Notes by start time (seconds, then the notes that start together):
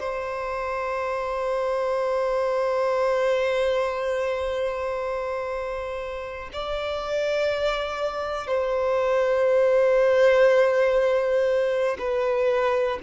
0.00 C5
6.54 D5
8.48 C5
11.99 B4